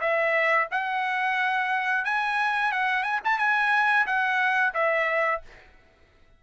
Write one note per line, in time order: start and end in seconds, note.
0.00 0.67 E5
0.71 2.04 F#5
2.04 2.72 G#5
2.72 3.03 F#5
3.03 3.20 G#5
3.24 3.38 A5
3.38 4.06 G#5
4.06 4.73 F#5
4.74 5.41 E5